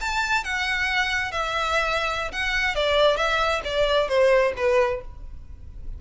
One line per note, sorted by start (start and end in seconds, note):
0.00 0.43 A5
0.43 1.31 F#5
1.31 2.31 E5
2.32 2.75 F#5
2.75 3.16 D5
3.16 3.61 E5
3.64 4.08 D5
4.08 4.53 C5
4.57 5.01 B4